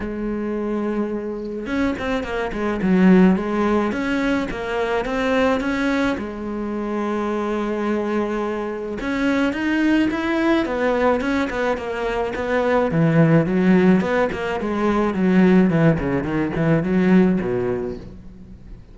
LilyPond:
\new Staff \with { instrumentName = "cello" } { \time 4/4 \tempo 4 = 107 gis2. cis'8 c'8 | ais8 gis8 fis4 gis4 cis'4 | ais4 c'4 cis'4 gis4~ | gis1 |
cis'4 dis'4 e'4 b4 | cis'8 b8 ais4 b4 e4 | fis4 b8 ais8 gis4 fis4 | e8 cis8 dis8 e8 fis4 b,4 | }